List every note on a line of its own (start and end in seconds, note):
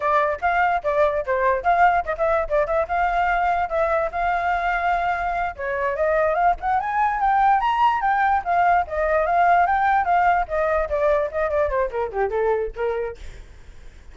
0.00 0.39 D5
0.41 0.82 F5
0.83 1.24 D5
1.25 1.63 C5
1.63 2.05 F5
2.05 2.15 D#5
2.17 2.48 E5
2.49 2.66 D5
2.66 2.87 E5
2.88 3.69 F5
3.69 4.10 E5
4.11 5.55 F5
5.56 5.96 C#5
5.96 6.34 D#5
6.34 6.55 F5
6.60 6.79 F#5
6.79 7.20 G#5
7.20 7.60 G5
7.60 8.01 A#5
8.01 8.42 G5
8.44 8.85 F5
8.87 9.26 D#5
9.26 9.66 F5
9.66 10.05 G5
10.05 10.46 F5
10.47 10.88 D#5
10.89 11.30 D5
11.31 11.50 D#5
11.50 11.69 D5
11.69 11.90 C5
11.90 12.11 A#4
12.11 12.30 G4
12.30 12.71 A4
12.75 13.17 A#4